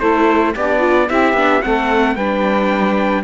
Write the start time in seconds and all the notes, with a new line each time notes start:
0.00 A3 E4 A4 C5
0.56 B3 D4 G4 D5
0.79 F4
1.10 C4 E4 G4 E5
1.34 B3 D4
1.62 A3 C4 A4 F#5
2.16 G3 D4 B4 G5